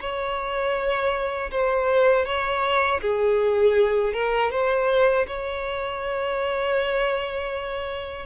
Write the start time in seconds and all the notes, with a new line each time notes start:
0.00 C#5
1.50 C5
2.25 C#5
3.01 G#4
4.13 A#4
4.51 C5
5.27 C#5